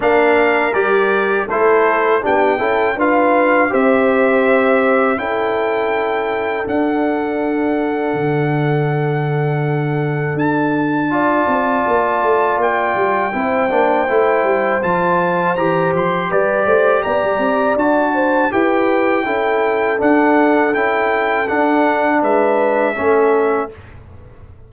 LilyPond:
<<
  \new Staff \with { instrumentName = "trumpet" } { \time 4/4 \tempo 4 = 81 f''4 d''4 c''4 g''4 | f''4 e''2 g''4~ | g''4 fis''2.~ | fis''2 a''2~ |
a''4 g''2. | a''4 ais''8 c'''8 d''4 ais''4 | a''4 g''2 fis''4 | g''4 fis''4 e''2 | }
  \new Staff \with { instrumentName = "horn" } { \time 4/4 ais'2 a'4 g'8 a'8 | b'4 c''2 a'4~ | a'1~ | a'2. d''4~ |
d''2 c''2~ | c''2 b'8 c''8 d''4~ | d''8 c''8 b'4 a'2~ | a'2 b'4 a'4 | }
  \new Staff \with { instrumentName = "trombone" } { \time 4/4 d'4 g'4 e'4 d'8 e'8 | f'4 g'2 e'4~ | e'4 d'2.~ | d'2. f'4~ |
f'2 e'8 d'8 e'4 | f'4 g'2. | fis'4 g'4 e'4 d'4 | e'4 d'2 cis'4 | }
  \new Staff \with { instrumentName = "tuba" } { \time 4/4 ais4 g4 a4 b8 cis'8 | d'4 c'2 cis'4~ | cis'4 d'2 d4~ | d2 d'4. c'8 |
ais8 a8 ais8 g8 c'8 ais8 a8 g8 | f4 e8 f8 g8 a8 b16 g16 c'8 | d'4 e'4 cis'4 d'4 | cis'4 d'4 gis4 a4 | }
>>